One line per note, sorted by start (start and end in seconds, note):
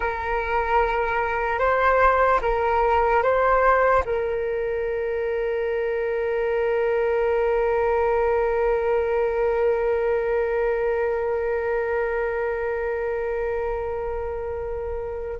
0.00 1.58 A#4
1.58 2.40 C5
2.41 3.22 A#4
3.22 4.03 C5
4.04 15.39 A#4